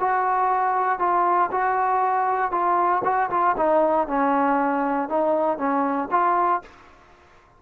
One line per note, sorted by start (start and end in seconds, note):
0.00 0.99 F#4
0.99 1.50 F4
1.51 2.51 F#4
2.51 3.02 F4
3.04 3.30 F#4
3.30 3.56 F4
3.57 4.07 D#4
4.07 5.09 C#4
5.09 5.58 D#4
5.58 6.09 C#4
6.11 6.62 F4